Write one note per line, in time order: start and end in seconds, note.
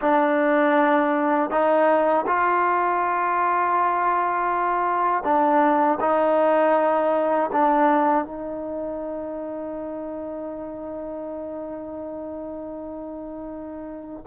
0.01 1.50 D4
1.50 2.25 D#4
2.27 5.23 F4
5.23 5.98 D4
6.00 7.50 D#4
7.52 8.24 D4
8.24 14.24 D#4